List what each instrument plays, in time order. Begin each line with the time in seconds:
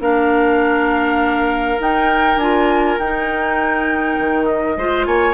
0.00 bassoon A#3, clarinet D4, oboe A#4, flute F5
1.79 clarinet D#4, bassoon D#4, flute G5
2.36 bassoon D4, clarinet F4, flute G#5
2.99 bassoon D#4, clarinet D#4, flute G5
4.19 bassoon D#3
4.46 flute D#5
4.76 bassoon G#3, clarinet F4, oboe C5
5.06 bassoon A#3, oboe C#5, flute G#5